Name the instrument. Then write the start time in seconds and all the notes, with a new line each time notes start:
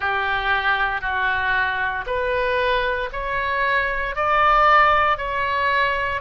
oboe
0.00 G4
1.01 F#4
2.06 B4
3.12 C#5
4.15 D5
5.17 C#5